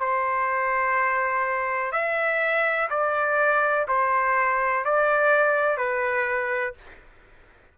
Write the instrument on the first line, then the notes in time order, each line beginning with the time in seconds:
trumpet
0.00 C5
1.92 E5
2.90 D5
3.88 C5
4.84 D5
5.77 B4